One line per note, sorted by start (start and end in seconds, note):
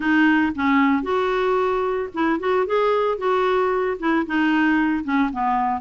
0.00 0.52 D#4
0.55 1.02 C#4
1.02 2.09 F#4
2.14 2.39 E4
2.39 2.66 F#4
2.66 3.18 G#4
3.18 3.97 F#4
3.99 4.26 E4
4.26 5.03 D#4
5.03 5.30 C#4
5.32 5.81 B3